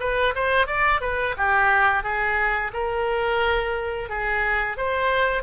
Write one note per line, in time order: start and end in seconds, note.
0.00 0.34 B4
0.35 0.67 C5
0.67 1.01 D5
1.01 1.35 B4
1.37 2.03 G4
2.03 2.71 G#4
2.73 4.09 A#4
4.09 4.77 G#4
4.77 5.43 C5